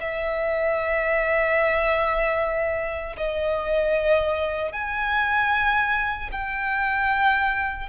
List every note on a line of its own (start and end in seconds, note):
0.00 3.16 E5
3.17 4.72 D#5
4.72 6.30 G#5
6.32 7.89 G5